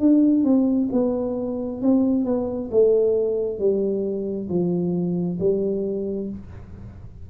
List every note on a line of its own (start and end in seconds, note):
0.00 0.44 D4
0.44 0.89 C4
0.92 1.82 B3
1.82 2.25 C4
2.25 2.70 B3
2.72 3.59 A3
3.59 4.49 G3
4.49 5.39 F3
5.40 6.29 G3